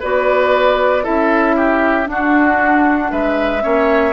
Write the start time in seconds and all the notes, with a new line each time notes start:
0.00 B3 F#4 B4 D5
1.04 C#4 E4 A4 E5
1.56 G4
2.05 D4 F#5
2.11 F#4
3.11 G#3 B4 E5
3.62 A#3 C#4 C#5